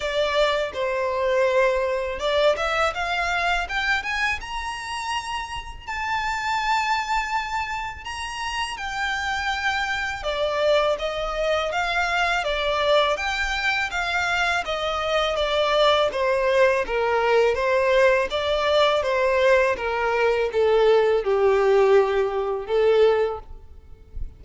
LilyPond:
\new Staff \with { instrumentName = "violin" } { \time 4/4 \tempo 4 = 82 d''4 c''2 d''8 e''8 | f''4 g''8 gis''8 ais''2 | a''2. ais''4 | g''2 d''4 dis''4 |
f''4 d''4 g''4 f''4 | dis''4 d''4 c''4 ais'4 | c''4 d''4 c''4 ais'4 | a'4 g'2 a'4 | }